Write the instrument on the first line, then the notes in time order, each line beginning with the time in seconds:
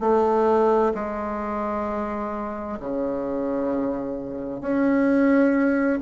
bassoon
0.00 A3
0.94 G#3
2.80 C#3
4.61 C#4